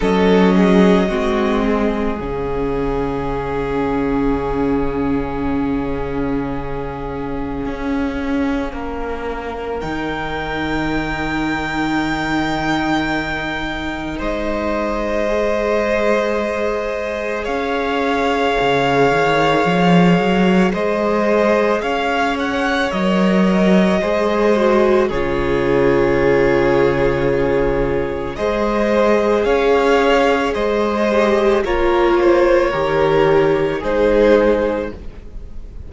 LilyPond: <<
  \new Staff \with { instrumentName = "violin" } { \time 4/4 \tempo 4 = 55 dis''2 f''2~ | f''1~ | f''4 g''2.~ | g''4 dis''2. |
f''2. dis''4 | f''8 fis''8 dis''2 cis''4~ | cis''2 dis''4 f''4 | dis''4 cis''2 c''4 | }
  \new Staff \with { instrumentName = "violin" } { \time 4/4 a'8 gis'8 fis'8 gis'2~ gis'8~ | gis'1 | ais'1~ | ais'4 c''2. |
cis''2. c''4 | cis''2 c''4 gis'4~ | gis'2 c''4 cis''4 | c''4 ais'8 c''8 ais'4 gis'4 | }
  \new Staff \with { instrumentName = "viola" } { \time 4/4 cis'4 c'4 cis'2~ | cis'1~ | cis'4 dis'2.~ | dis'2 gis'2~ |
gis'1~ | gis'4 ais'4 gis'8 fis'8 f'4~ | f'2 gis'2~ | gis'8 g'8 f'4 g'4 dis'4 | }
  \new Staff \with { instrumentName = "cello" } { \time 4/4 fis4 gis4 cis2~ | cis2. cis'4 | ais4 dis2.~ | dis4 gis2. |
cis'4 cis8 dis8 f8 fis8 gis4 | cis'4 fis4 gis4 cis4~ | cis2 gis4 cis'4 | gis4 ais4 dis4 gis4 | }
>>